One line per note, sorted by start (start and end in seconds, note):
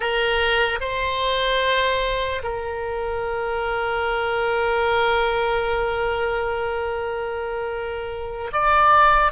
0.00 0.79 A#4
0.80 2.42 C5
2.43 8.51 A#4
8.52 9.31 D5